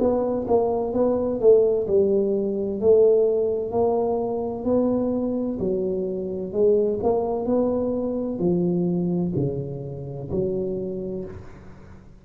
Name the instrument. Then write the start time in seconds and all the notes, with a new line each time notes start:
tuba
0.00 B3
0.48 A#3
0.94 B3
1.41 A3
1.87 G3
2.81 A3
3.72 A#3
4.65 B3
5.60 F#3
6.53 G#3
7.03 A#3
7.46 B3
8.39 F3
9.37 C#3
10.31 F#3